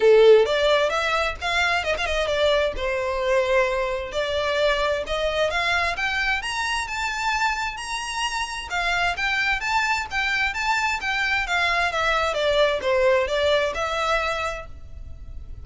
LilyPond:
\new Staff \with { instrumentName = "violin" } { \time 4/4 \tempo 4 = 131 a'4 d''4 e''4 f''4 | dis''16 f''16 dis''8 d''4 c''2~ | c''4 d''2 dis''4 | f''4 g''4 ais''4 a''4~ |
a''4 ais''2 f''4 | g''4 a''4 g''4 a''4 | g''4 f''4 e''4 d''4 | c''4 d''4 e''2 | }